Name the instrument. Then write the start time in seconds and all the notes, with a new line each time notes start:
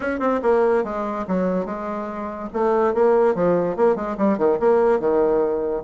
bassoon
0.00 C#4
0.19 C4
0.42 A#3
0.84 G#3
1.27 F#3
1.65 G#3
2.53 A3
2.94 A#3
3.34 F3
3.76 A#3
3.95 G#3
4.17 G3
4.37 D#3
4.59 A#3
4.99 D#3